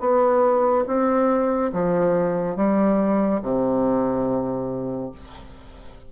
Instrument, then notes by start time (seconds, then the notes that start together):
bassoon
0.00 B3
0.87 C4
1.72 F3
2.56 G3
3.42 C3